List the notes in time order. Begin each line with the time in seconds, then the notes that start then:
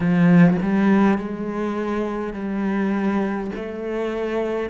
0.00 F3
0.62 G3
1.18 G#3
2.33 G3
3.56 A3